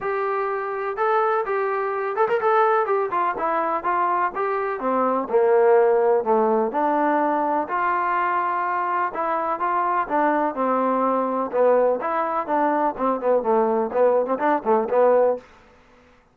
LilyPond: \new Staff \with { instrumentName = "trombone" } { \time 4/4 \tempo 4 = 125 g'2 a'4 g'4~ | g'8 a'16 ais'16 a'4 g'8 f'8 e'4 | f'4 g'4 c'4 ais4~ | ais4 a4 d'2 |
f'2. e'4 | f'4 d'4 c'2 | b4 e'4 d'4 c'8 b8 | a4 b8. c'16 d'8 a8 b4 | }